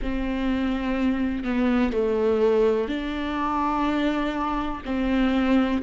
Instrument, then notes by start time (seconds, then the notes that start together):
viola
0.01 C4
1.43 B3
1.92 A3
2.88 D4
4.85 C4